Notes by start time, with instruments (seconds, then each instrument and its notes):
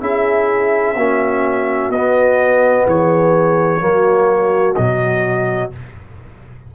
0.00 tuba C#4, trombone E4, horn G#4, trumpet E5
0.95 tuba A#3, trombone C#4, horn F#4
1.89 tuba B3, trombone B3, trumpet D#5
2.86 tuba E3, horn G#4, trumpet C#5
3.80 tuba F#3, trombone A#3, horn F#4
4.75 tuba B2, trombone F#3, trumpet D#5